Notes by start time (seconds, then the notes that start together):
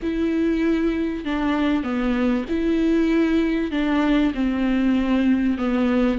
0.02 E4
1.25 D4
1.83 B3
2.49 E4
3.71 D4
4.34 C4
5.58 B3